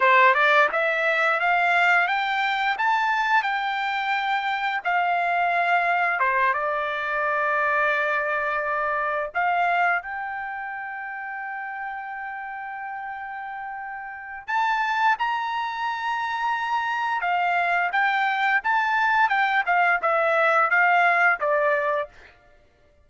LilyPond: \new Staff \with { instrumentName = "trumpet" } { \time 4/4 \tempo 4 = 87 c''8 d''8 e''4 f''4 g''4 | a''4 g''2 f''4~ | f''4 c''8 d''2~ d''8~ | d''4. f''4 g''4.~ |
g''1~ | g''4 a''4 ais''2~ | ais''4 f''4 g''4 a''4 | g''8 f''8 e''4 f''4 d''4 | }